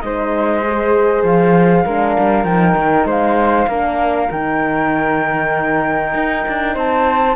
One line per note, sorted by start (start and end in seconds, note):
0.00 1.22 G#3
0.00 0.64 D#4
0.00 1.85 C5
0.00 1.22 D#5
0.67 1.87 G#4
1.22 1.84 F3
1.22 2.44 F5
1.85 2.16 G#3
1.85 2.46 D4
1.85 3.07 A#4
2.19 2.44 G3
2.44 2.74 F3
2.44 3.68 D#4
2.44 3.05 G5
2.76 3.05 D#3
3.05 3.66 G#3
3.05 3.68 C5
3.05 4.31 F5
3.67 4.28 A#3
3.67 4.30 D4
3.67 6.74 A#4
4.31 6.14 D#3
4.31 7.36 D#4
4.31 6.76 G5
6.14 6.45 D#4
6.48 6.76 D4
6.74 7.36 C4
6.74 7.35 C5
6.74 7.36 A5